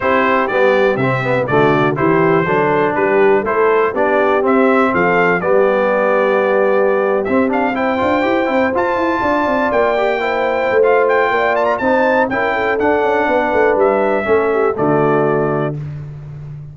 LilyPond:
<<
  \new Staff \with { instrumentName = "trumpet" } { \time 4/4 \tempo 4 = 122 c''4 d''4 e''4 d''4 | c''2 b'4 c''4 | d''4 e''4 f''4 d''4~ | d''2~ d''8. e''8 f''8 g''16~ |
g''4.~ g''16 a''2 g''16~ | g''2 f''8 g''4 a''16 ais''16 | a''4 g''4 fis''2 | e''2 d''2 | }
  \new Staff \with { instrumentName = "horn" } { \time 4/4 g'2. fis'4 | g'4 a'4 g'4 a'4 | g'2 a'4 g'4~ | g'2.~ g'8. c''16~ |
c''2~ c''8. d''4~ d''16~ | d''8. c''2~ c''16 d''4 | c''4 ais'8 a'4. b'4~ | b'4 a'8 g'8 fis'2 | }
  \new Staff \with { instrumentName = "trombone" } { \time 4/4 e'4 b4 c'8 b8 a4 | e'4 d'2 e'4 | d'4 c'2 b4~ | b2~ b8. c'8 d'8 e'16~ |
e'16 f'8 g'8 e'8 f'2~ f'16~ | f'16 g'8 e'4~ e'16 f'2 | dis'4 e'4 d'2~ | d'4 cis'4 a2 | }
  \new Staff \with { instrumentName = "tuba" } { \time 4/4 c'4 g4 c4 d4 | e4 fis4 g4 a4 | b4 c'4 f4 g4~ | g2~ g8. c'4~ c'16~ |
c'16 d'8 e'8 c'8 f'8 e'8 d'8 c'8 ais16~ | ais4.~ ais16 a4~ a16 ais4 | c'4 cis'4 d'8 cis'8 b8 a8 | g4 a4 d2 | }
>>